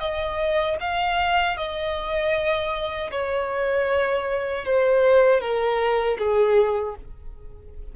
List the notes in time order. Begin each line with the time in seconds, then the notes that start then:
0.00 D#5
0.80 F5
1.57 D#5
3.11 C#5
4.65 C5
5.41 A#4
6.19 G#4